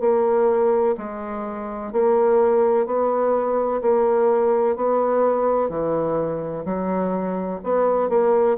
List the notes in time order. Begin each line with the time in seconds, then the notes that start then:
0.00 A#3
0.98 G#3
1.93 A#3
2.86 B3
3.82 A#3
4.77 B3
5.69 E3
6.65 F#3
7.64 B3
8.10 A#3